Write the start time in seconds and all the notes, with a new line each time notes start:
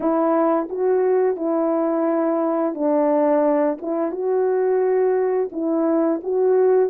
0.00 E4
0.69 F#4
1.36 E4
2.74 D4
3.81 E4
4.11 F#4
5.51 E4
6.23 F#4